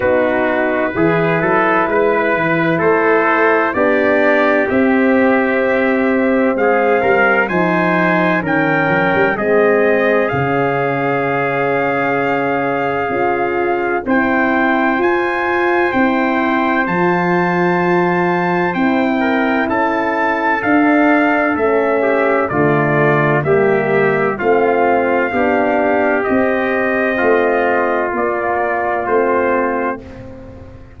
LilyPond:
<<
  \new Staff \with { instrumentName = "trumpet" } { \time 4/4 \tempo 4 = 64 b'2. c''4 | d''4 e''2 f''4 | gis''4 g''4 dis''4 f''4~ | f''2. g''4 |
gis''4 g''4 a''2 | g''4 a''4 f''4 e''4 | d''4 e''4 f''2 | dis''2 d''4 c''4 | }
  \new Staff \with { instrumentName = "trumpet" } { \time 4/4 fis'4 gis'8 a'8 b'4 a'4 | g'2. gis'8 ais'8 | c''4 ais'4 gis'2~ | gis'2. c''4~ |
c''1~ | c''8 ais'8 a'2~ a'8 g'8 | f'4 g'4 f'4 g'4~ | g'4 f'2. | }
  \new Staff \with { instrumentName = "horn" } { \time 4/4 dis'4 e'2. | d'4 c'2. | dis'4 cis'4 c'4 cis'4~ | cis'2 f'4 e'4 |
f'4 e'4 f'2 | e'2 d'4 cis'4 | a4 ais4 c'4 d'4 | c'2 ais4 c'4 | }
  \new Staff \with { instrumentName = "tuba" } { \time 4/4 b4 e8 fis8 gis8 e8 a4 | b4 c'2 gis8 g8 | f4 dis8 f16 g16 gis4 cis4~ | cis2 cis'4 c'4 |
f'4 c'4 f2 | c'4 cis'4 d'4 a4 | d4 g4 a4 b4 | c'4 a4 ais4 a4 | }
>>